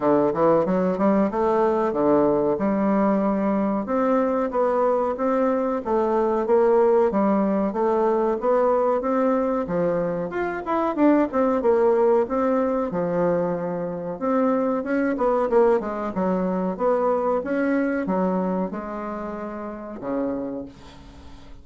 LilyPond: \new Staff \with { instrumentName = "bassoon" } { \time 4/4 \tempo 4 = 93 d8 e8 fis8 g8 a4 d4 | g2 c'4 b4 | c'4 a4 ais4 g4 | a4 b4 c'4 f4 |
f'8 e'8 d'8 c'8 ais4 c'4 | f2 c'4 cis'8 b8 | ais8 gis8 fis4 b4 cis'4 | fis4 gis2 cis4 | }